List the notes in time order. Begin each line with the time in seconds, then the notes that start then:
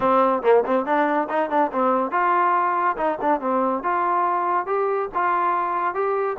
0.00 C4
0.42 A#3
0.66 C4
0.85 D4
1.29 D#4
1.50 D4
1.72 C4
2.11 F4
2.97 D#4
3.21 D4
3.40 C4
3.83 F4
4.66 G4
5.14 F4
5.94 G4